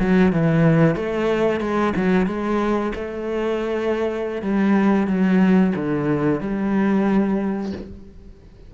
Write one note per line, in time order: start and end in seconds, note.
0.00 0.33 F#3
0.33 0.96 E3
0.96 1.61 A3
1.61 1.94 G#3
1.96 2.27 F#3
2.27 2.93 G#3
2.96 4.42 A3
4.42 5.07 G3
5.07 5.73 F#3
5.76 6.41 D3
6.41 7.73 G3